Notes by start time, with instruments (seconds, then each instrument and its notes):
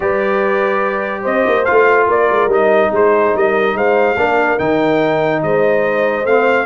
0.00 tuba G3, trombone G4, horn B4, trumpet D5
1.21 tuba C4, horn C5, trumpet D#5
1.46 tuba A#3
1.64 tuba A3, trombone F4, trumpet F5
2.07 tuba A#3, horn A#4, trumpet D5
2.30 tuba G#3
2.47 tuba G3, trombone D#4, trumpet D#5
2.92 tuba G#3, horn G#4, trumpet C5
3.35 tuba G3, horn A#4, trumpet D#5
3.74 tuba G#3, horn C5, trumpet F5
4.16 tuba A#3, trombone D4, horn A#4
4.58 tuba D#3, trombone D#4, trumpet G5
5.42 tuba G#3, horn C5, trumpet D#5
6.25 tuba A3, trombone C4, trumpet F5